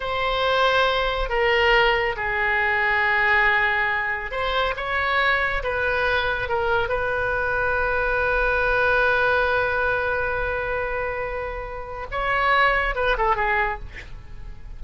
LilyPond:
\new Staff \with { instrumentName = "oboe" } { \time 4/4 \tempo 4 = 139 c''2. ais'4~ | ais'4 gis'2.~ | gis'2 c''4 cis''4~ | cis''4 b'2 ais'4 |
b'1~ | b'1~ | b'1 | cis''2 b'8 a'8 gis'4 | }